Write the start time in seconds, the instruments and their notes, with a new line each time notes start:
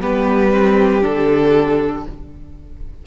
0.00 cello G3, viola B3, violin G4 B4
0.51 viola C4
1.01 cello D3, viola D4, violin A4